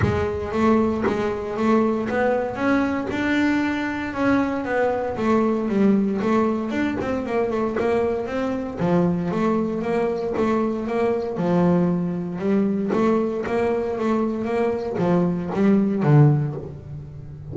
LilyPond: \new Staff \with { instrumentName = "double bass" } { \time 4/4 \tempo 4 = 116 gis4 a4 gis4 a4 | b4 cis'4 d'2 | cis'4 b4 a4 g4 | a4 d'8 c'8 ais8 a8 ais4 |
c'4 f4 a4 ais4 | a4 ais4 f2 | g4 a4 ais4 a4 | ais4 f4 g4 d4 | }